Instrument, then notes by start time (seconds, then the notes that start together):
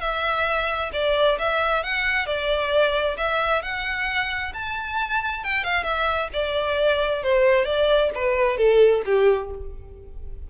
violin
0.00 E5
0.93 D5
1.38 E5
1.83 F#5
2.26 D5
3.17 E5
3.62 F#5
4.54 A5
5.44 G5
5.63 F5
5.83 E5
6.33 D5
7.23 C5
7.65 D5
8.14 B4
8.57 A4
9.05 G4